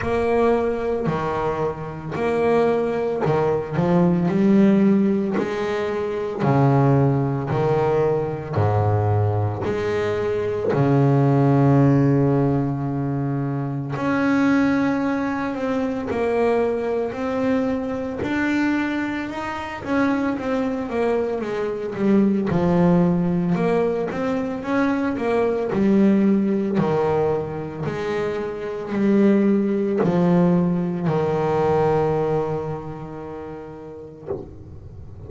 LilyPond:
\new Staff \with { instrumentName = "double bass" } { \time 4/4 \tempo 4 = 56 ais4 dis4 ais4 dis8 f8 | g4 gis4 cis4 dis4 | gis,4 gis4 cis2~ | cis4 cis'4. c'8 ais4 |
c'4 d'4 dis'8 cis'8 c'8 ais8 | gis8 g8 f4 ais8 c'8 cis'8 ais8 | g4 dis4 gis4 g4 | f4 dis2. | }